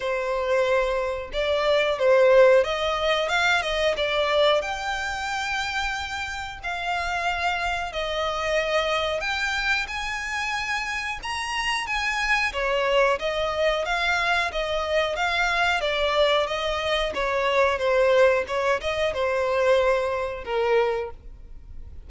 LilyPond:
\new Staff \with { instrumentName = "violin" } { \time 4/4 \tempo 4 = 91 c''2 d''4 c''4 | dis''4 f''8 dis''8 d''4 g''4~ | g''2 f''2 | dis''2 g''4 gis''4~ |
gis''4 ais''4 gis''4 cis''4 | dis''4 f''4 dis''4 f''4 | d''4 dis''4 cis''4 c''4 | cis''8 dis''8 c''2 ais'4 | }